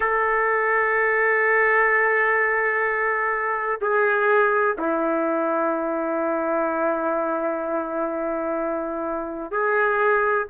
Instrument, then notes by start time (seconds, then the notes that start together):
trumpet
0.00 A4
3.81 G#4
4.78 E4
9.51 G#4